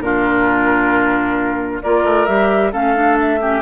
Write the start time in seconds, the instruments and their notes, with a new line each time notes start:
0.00 bassoon A#2, clarinet D4, oboe F4, flute A#4
1.82 bassoon A#3, clarinet F4, oboe A#4, flute D5
2.04 bassoon A3
2.26 bassoon G3, clarinet G4, flute E5
2.72 bassoon A3, clarinet C#4, oboe A4, flute F5
2.94 clarinet D4
3.19 flute E5
3.40 clarinet C#4, oboe G4